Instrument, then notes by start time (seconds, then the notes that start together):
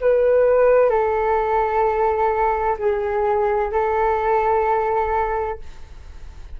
flute
0.00 B4
0.89 A4
2.78 G#4
3.72 A4